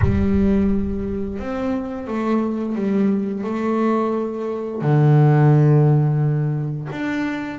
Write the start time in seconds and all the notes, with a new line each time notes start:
0.01 G3
1.39 C4
2.07 A3
2.75 G3
3.43 A3
4.81 D3
6.92 D4